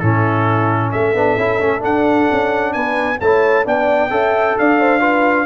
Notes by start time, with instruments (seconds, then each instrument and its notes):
0.00 tuba A2, trombone C#4, horn E4, trumpet A4
0.92 tuba A3, horn A4, trumpet E5
1.14 tuba B3, trombone D4
1.38 tuba C#4, trombone E4
1.60 tuba A3, trombone C#4
1.80 trombone D4, tuba D4, trumpet F#5
2.32 tuba C#4
2.73 tuba B3, horn B4, trumpet G#5
3.21 tuba A3, trombone E4, horn C#5, trumpet A5
3.66 tuba B3, trombone D4, horn D5, trumpet G5
4.11 tuba C#4, trombone A4, horn E5
4.59 tuba D4, horn D5, trumpet F5
4.80 horn C5
5.00 trombone F4, horn B4